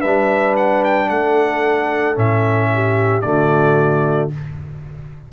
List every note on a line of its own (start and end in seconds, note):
0.00 1.10 G3
0.00 1.07 B4
0.00 0.55 E5
0.06 2.15 D4
0.57 0.83 F#5
0.84 1.10 G5
1.10 2.17 A3
1.10 2.71 A4
1.10 2.17 F#5
2.15 3.24 A2
2.15 3.22 C#4
2.15 3.22 E5
2.74 3.25 G4
3.22 4.32 D3
3.22 4.31 A3
3.22 4.33 F#4
3.22 4.29 D5